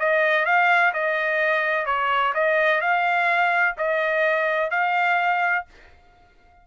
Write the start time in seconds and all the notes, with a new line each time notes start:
0.00 D#5
0.46 F5
0.94 D#5
1.86 C#5
2.35 D#5
2.81 F5
3.78 D#5
4.71 F5